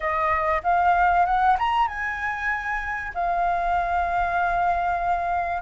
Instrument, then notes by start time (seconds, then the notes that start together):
flute
0.00 D#5
0.63 F5
1.25 F#5
1.58 A#5
1.87 G#5
3.14 F5